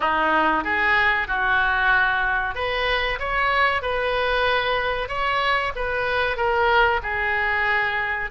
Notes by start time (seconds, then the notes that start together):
0.00 D#4
0.64 G#4
1.27 F#4
2.54 B4
3.19 C#5
3.82 B4
5.08 C#5
5.75 B4
6.36 A#4
7.02 G#4